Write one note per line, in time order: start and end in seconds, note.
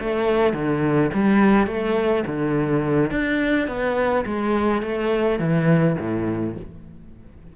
0.00 0.53 A3
0.53 1.10 D3
1.13 1.67 G3
1.67 2.24 A3
2.26 3.10 D3
3.10 3.67 D4
3.67 4.24 B3
4.25 4.82 G#3
4.82 5.39 A3
5.39 5.96 E3
5.99 6.56 A2